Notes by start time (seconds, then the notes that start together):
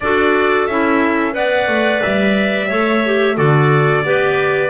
0.00 D4 F#4 A4 D5
0.67 C#4 E4 E5
1.32 B3 B4 D5 F#5
1.67 A3
2.02 G3 E5
2.69 A3 A4 C#5
3.05 G4
3.36 D3 F#4 A4 D5
4.04 B3 G4 B4